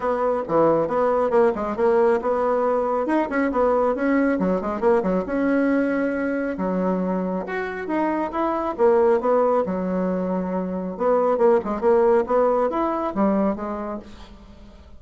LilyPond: \new Staff \with { instrumentName = "bassoon" } { \time 4/4 \tempo 4 = 137 b4 e4 b4 ais8 gis8 | ais4 b2 dis'8 cis'8 | b4 cis'4 fis8 gis8 ais8 fis8 | cis'2. fis4~ |
fis4 fis'4 dis'4 e'4 | ais4 b4 fis2~ | fis4 b4 ais8 gis8 ais4 | b4 e'4 g4 gis4 | }